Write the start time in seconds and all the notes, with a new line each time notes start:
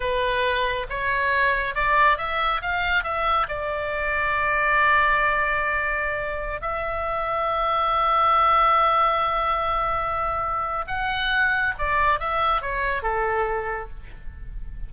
0.00 B4
0.89 C#5
1.74 D5
2.17 E5
2.61 F5
3.03 E5
3.48 D5
6.61 E5
10.87 F#5
11.78 D5
12.19 E5
12.61 C#5
13.02 A4